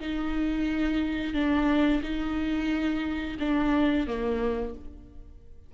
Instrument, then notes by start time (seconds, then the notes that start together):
viola
0.00 D#4
1.34 D4
2.03 D#4
3.40 D4
4.08 A#3